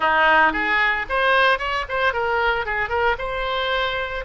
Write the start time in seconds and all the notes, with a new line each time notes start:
0.00 D#4
0.52 G#4
1.09 C5
1.58 C#5
1.88 C5
2.13 A#4
2.65 G#4
2.89 A#4
3.18 C5